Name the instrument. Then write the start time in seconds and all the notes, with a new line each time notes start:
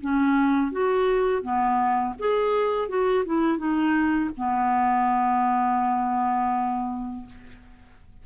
clarinet
0.00 C#4
0.71 F#4
1.42 B3
2.19 G#4
2.88 F#4
3.25 E4
3.57 D#4
4.36 B3